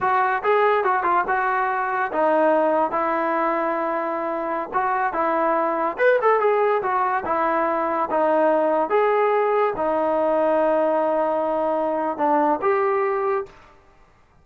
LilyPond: \new Staff \with { instrumentName = "trombone" } { \time 4/4 \tempo 4 = 143 fis'4 gis'4 fis'8 f'8 fis'4~ | fis'4 dis'2 e'4~ | e'2.~ e'16 fis'8.~ | fis'16 e'2 b'8 a'8 gis'8.~ |
gis'16 fis'4 e'2 dis'8.~ | dis'4~ dis'16 gis'2 dis'8.~ | dis'1~ | dis'4 d'4 g'2 | }